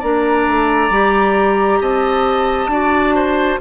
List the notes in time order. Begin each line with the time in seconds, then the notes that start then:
0.00 A#3 D4 D5 A#5
0.48 A3
0.90 G3 G4
1.81 C4 D#5 A5
2.67 D4 F#4 D5
3.15 C5